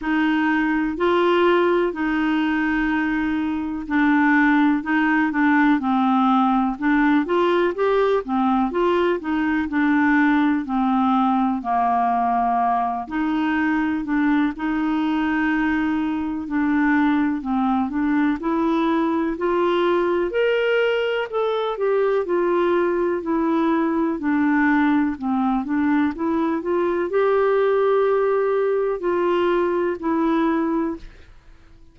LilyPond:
\new Staff \with { instrumentName = "clarinet" } { \time 4/4 \tempo 4 = 62 dis'4 f'4 dis'2 | d'4 dis'8 d'8 c'4 d'8 f'8 | g'8 c'8 f'8 dis'8 d'4 c'4 | ais4. dis'4 d'8 dis'4~ |
dis'4 d'4 c'8 d'8 e'4 | f'4 ais'4 a'8 g'8 f'4 | e'4 d'4 c'8 d'8 e'8 f'8 | g'2 f'4 e'4 | }